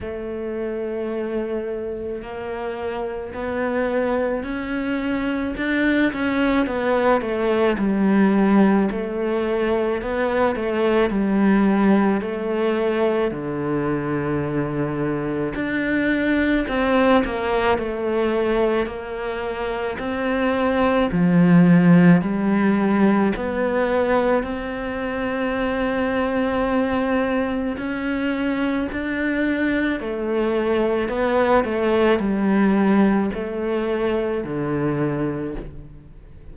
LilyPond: \new Staff \with { instrumentName = "cello" } { \time 4/4 \tempo 4 = 54 a2 ais4 b4 | cis'4 d'8 cis'8 b8 a8 g4 | a4 b8 a8 g4 a4 | d2 d'4 c'8 ais8 |
a4 ais4 c'4 f4 | g4 b4 c'2~ | c'4 cis'4 d'4 a4 | b8 a8 g4 a4 d4 | }